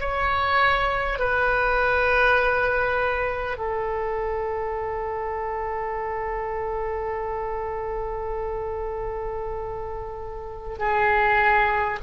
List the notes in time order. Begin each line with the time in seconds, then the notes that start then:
0.00 C#5
1.18 B4
3.58 A4
10.78 G#4